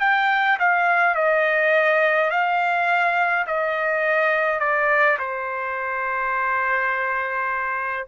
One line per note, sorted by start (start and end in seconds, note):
0.00 0.58 G5
0.59 1.15 F5
1.15 2.30 D#5
2.30 3.46 F5
3.47 4.60 D#5
4.60 5.18 D5
5.19 8.07 C5